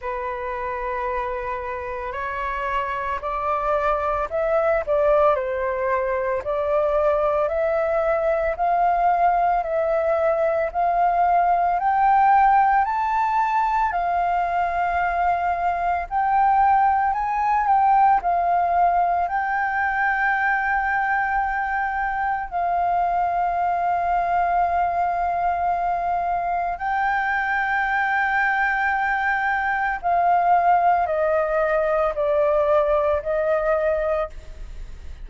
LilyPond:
\new Staff \with { instrumentName = "flute" } { \time 4/4 \tempo 4 = 56 b'2 cis''4 d''4 | e''8 d''8 c''4 d''4 e''4 | f''4 e''4 f''4 g''4 | a''4 f''2 g''4 |
gis''8 g''8 f''4 g''2~ | g''4 f''2.~ | f''4 g''2. | f''4 dis''4 d''4 dis''4 | }